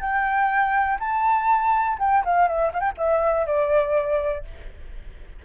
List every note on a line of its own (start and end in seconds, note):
0.00 0.98 G5
1.00 1.98 A5
1.99 2.24 G5
2.25 2.47 F5
2.47 2.72 E5
2.73 2.80 F5
2.80 2.92 G5
2.98 3.46 E5
3.46 4.45 D5